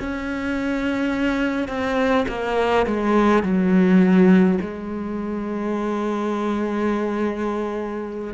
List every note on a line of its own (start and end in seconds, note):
0.00 1.69 C#4
1.69 2.27 C4
2.29 2.86 A#3
2.86 3.44 G#3
3.44 4.59 F#3
4.61 8.34 G#3